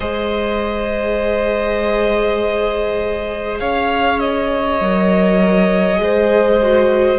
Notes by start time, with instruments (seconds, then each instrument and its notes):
0.00 cello G#3, viola G#4, violin C5 D#5
3.59 cello C#4, violin C#5 F5
4.19 violin D#5
4.80 cello F#3, viola A#4
5.96 cello G#3, viola G#4
6.03 violin C5
6.62 viola F#4